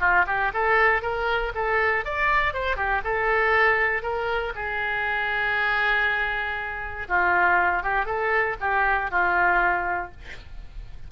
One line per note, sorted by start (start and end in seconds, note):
0.00 0.25 F4
0.27 0.52 G4
0.54 1.02 A4
1.02 1.53 A#4
1.55 2.05 A4
2.05 2.54 D5
2.54 2.76 C5
2.76 3.02 G4
3.04 4.03 A4
4.03 4.53 A#4
4.55 7.07 G#4
7.09 7.83 F4
7.83 8.06 G4
8.06 8.56 A4
8.61 9.11 G4
9.11 10.12 F4